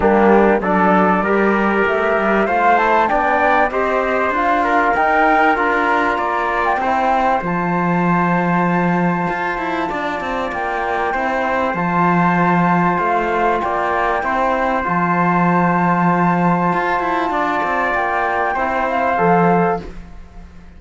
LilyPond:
<<
  \new Staff \with { instrumentName = "flute" } { \time 4/4 \tempo 4 = 97 g'4 d''2 e''4 | f''8 a''8 g''4 dis''4 f''4 | g''4 ais''4.~ ais''16 g''4~ g''16 | a''1~ |
a''4 g''2 a''4~ | a''4 f''4 g''2 | a''1~ | a''4 g''4. f''4. | }
  \new Staff \with { instrumentName = "trumpet" } { \time 4/4 d'4 a'4 ais'2 | c''4 d''4 c''4. ais'8~ | ais'2 d''4 c''4~ | c''1 |
d''2 c''2~ | c''2 d''4 c''4~ | c''1 | d''2 c''2 | }
  \new Staff \with { instrumentName = "trombone" } { \time 4/4 ais4 d'4 g'2 | f'8 e'8 d'4 g'4 f'4 | dis'4 f'2 e'4 | f'1~ |
f'2 e'4 f'4~ | f'2. e'4 | f'1~ | f'2 e'4 a'4 | }
  \new Staff \with { instrumentName = "cello" } { \time 4/4 g4 fis4 g4 a8 g8 | a4 b4 c'4 d'4 | dis'4 d'4 ais4 c'4 | f2. f'8 e'8 |
d'8 c'8 ais4 c'4 f4~ | f4 a4 ais4 c'4 | f2. f'8 e'8 | d'8 c'8 ais4 c'4 f4 | }
>>